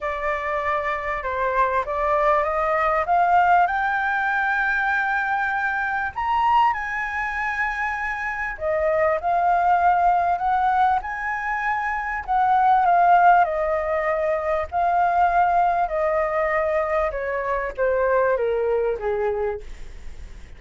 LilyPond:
\new Staff \with { instrumentName = "flute" } { \time 4/4 \tempo 4 = 98 d''2 c''4 d''4 | dis''4 f''4 g''2~ | g''2 ais''4 gis''4~ | gis''2 dis''4 f''4~ |
f''4 fis''4 gis''2 | fis''4 f''4 dis''2 | f''2 dis''2 | cis''4 c''4 ais'4 gis'4 | }